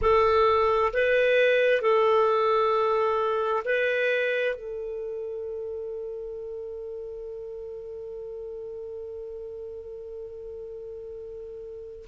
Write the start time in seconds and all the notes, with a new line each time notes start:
0.01 A4
0.93 B4
1.81 A4
3.64 B4
4.55 A4